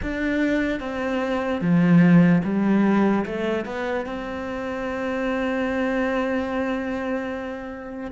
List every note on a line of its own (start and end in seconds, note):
0.02 0.80 D4
0.80 1.61 C4
1.61 2.42 F3
2.44 3.25 G3
3.25 3.65 A3
3.65 4.05 B3
4.05 8.11 C4